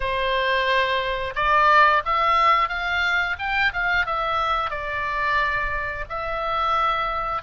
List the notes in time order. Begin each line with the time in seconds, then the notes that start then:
0.00 C5
1.35 D5
2.05 E5
2.68 F5
3.38 G5
3.73 F5
4.05 E5
4.70 D5
6.09 E5